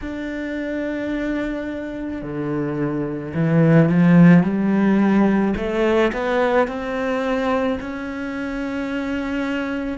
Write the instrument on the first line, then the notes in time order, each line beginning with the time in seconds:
cello
0.01 D4
2.22 D3
3.34 E3
3.89 F3
4.43 G3
5.56 A3
6.13 B3
6.67 C4
7.80 C#4